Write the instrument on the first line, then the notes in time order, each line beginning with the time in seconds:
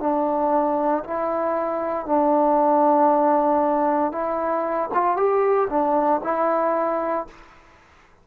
trombone
0.00 D4
1.04 E4
2.06 D4
4.12 E4
4.94 F4
5.17 G4
5.69 D4
6.24 E4